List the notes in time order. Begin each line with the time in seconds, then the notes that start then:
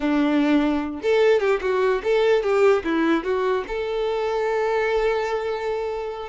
0.00 D4
1.02 A4
1.39 G4
1.61 F#4
2.03 A4
2.42 G4
2.83 E4
3.24 F#4
3.67 A4